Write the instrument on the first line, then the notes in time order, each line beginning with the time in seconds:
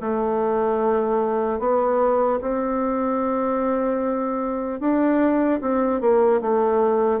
bassoon
0.00 A3
1.59 B3
2.41 C4
4.80 D4
5.61 C4
6.00 A#3
6.41 A3